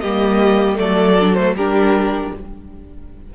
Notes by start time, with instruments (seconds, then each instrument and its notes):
0.00 cello G3, viola A#3, violin G4 D#5
0.76 cello F#3, viola A3, violin A4 D5
1.21 viola D4
1.35 viola A3, violin C5
1.54 cello G3, viola D4, violin G4 A#4